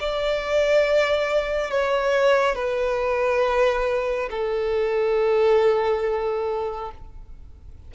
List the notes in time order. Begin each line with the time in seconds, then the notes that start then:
0.00 D5
1.70 C#5
2.55 B4
4.30 A4